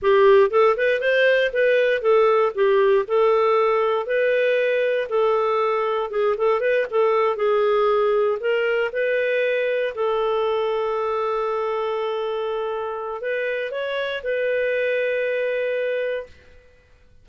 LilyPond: \new Staff \with { instrumentName = "clarinet" } { \time 4/4 \tempo 4 = 118 g'4 a'8 b'8 c''4 b'4 | a'4 g'4 a'2 | b'2 a'2 | gis'8 a'8 b'8 a'4 gis'4.~ |
gis'8 ais'4 b'2 a'8~ | a'1~ | a'2 b'4 cis''4 | b'1 | }